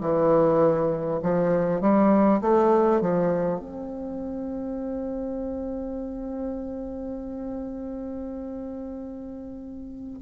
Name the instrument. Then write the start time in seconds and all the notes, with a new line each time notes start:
bassoon
0.00 E3
1.22 F3
1.81 G3
2.41 A3
3.00 F3
3.59 C4